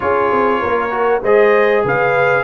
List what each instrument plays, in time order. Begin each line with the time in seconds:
0.00 tuba C#4, trombone F4, horn G#4, trumpet C#5
0.32 tuba C4
0.60 tuba A#3, horn A#4
0.90 trombone F#4
1.22 tuba G#3, trombone G#4, horn C5, trumpet D#5
1.84 tuba C#3, horn B4, trumpet F5